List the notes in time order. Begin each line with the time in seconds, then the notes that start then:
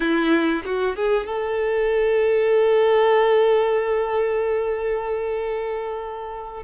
0.00 E4
0.65 F#4
0.96 G#4
1.26 A4